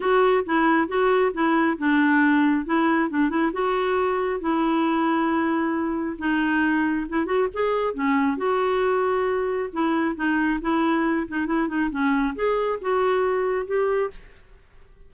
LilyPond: \new Staff \with { instrumentName = "clarinet" } { \time 4/4 \tempo 4 = 136 fis'4 e'4 fis'4 e'4 | d'2 e'4 d'8 e'8 | fis'2 e'2~ | e'2 dis'2 |
e'8 fis'8 gis'4 cis'4 fis'4~ | fis'2 e'4 dis'4 | e'4. dis'8 e'8 dis'8 cis'4 | gis'4 fis'2 g'4 | }